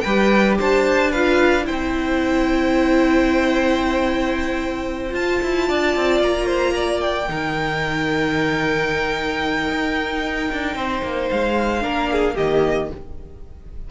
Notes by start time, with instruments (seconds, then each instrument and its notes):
0.00 cello G3, violin B4 G5
0.07 viola G4
0.58 cello D4, violin C5 A5
1.11 viola F4, violin B4 F5
1.64 viola E4, violin C5 G5
1.70 cello C4
5.09 viola F4, cello F4, violin A5
5.42 cello E4
5.68 cello D4, violin D5
5.96 cello C4
6.21 cello A#3, violin A#5
6.46 violin C5
6.75 violin D5
7.00 violin G5
7.28 cello D#3, viola D#4, violin A#4
9.69 cello D#4
10.52 cello D4
10.75 cello C4, violin C5
11.03 cello A#3
11.31 cello G#3, violin F5
11.80 cello A#3, viola D4, violin A#4
12.11 violin G#4
12.35 cello D#3, viola A#3, violin G4 D#5